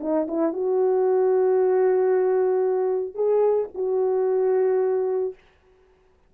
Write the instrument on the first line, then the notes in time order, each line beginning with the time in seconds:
horn
0.00 D#4
0.28 E4
0.53 F#4
3.14 G#4
3.75 F#4